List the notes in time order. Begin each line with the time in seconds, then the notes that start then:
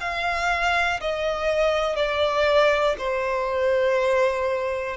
0.00 F5
1.00 D#5
1.96 D5
2.98 C5